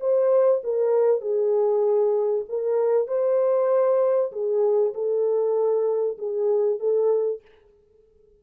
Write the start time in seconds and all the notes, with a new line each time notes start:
0.00 C5
0.64 A#4
1.21 G#4
2.49 A#4
3.08 C5
4.32 G#4
4.94 A4
6.18 G#4
6.80 A4